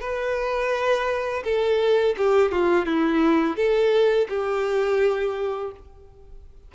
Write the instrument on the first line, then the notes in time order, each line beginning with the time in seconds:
violin
0.00 B4
1.44 A4
2.17 G4
2.51 F4
2.85 E4
3.56 A4
4.29 G4